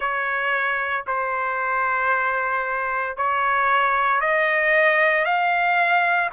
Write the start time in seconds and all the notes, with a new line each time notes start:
0.00 C#5
1.06 C5
3.16 C#5
4.21 D#5
5.24 F5